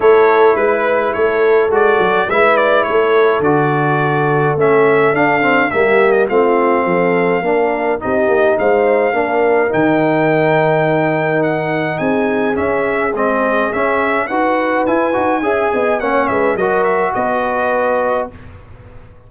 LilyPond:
<<
  \new Staff \with { instrumentName = "trumpet" } { \time 4/4 \tempo 4 = 105 cis''4 b'4 cis''4 d''4 | e''8 d''8 cis''4 d''2 | e''4 f''4 e''8. dis''16 f''4~ | f''2 dis''4 f''4~ |
f''4 g''2. | fis''4 gis''4 e''4 dis''4 | e''4 fis''4 gis''2 | fis''8 e''8 dis''8 e''8 dis''2 | }
  \new Staff \with { instrumentName = "horn" } { \time 4/4 a'4 b'4 a'2 | b'4 a'2.~ | a'2 g'4 f'4 | a'4 ais'4 g'4 c''4 |
ais'1~ | ais'4 gis'2.~ | gis'4 b'2 e''8 dis''8 | cis''8 b'8 ais'4 b'2 | }
  \new Staff \with { instrumentName = "trombone" } { \time 4/4 e'2. fis'4 | e'2 fis'2 | cis'4 d'8 c'8 ais4 c'4~ | c'4 d'4 dis'2 |
d'4 dis'2.~ | dis'2 cis'4 c'4 | cis'4 fis'4 e'8 fis'8 gis'4 | cis'4 fis'2. | }
  \new Staff \with { instrumentName = "tuba" } { \time 4/4 a4 gis4 a4 gis8 fis8 | gis4 a4 d2 | a4 d'4 g4 a4 | f4 ais4 c'8 ais8 gis4 |
ais4 dis2.~ | dis4 c'4 cis'4 gis4 | cis'4 dis'4 e'8 dis'8 cis'8 b8 | ais8 gis8 fis4 b2 | }
>>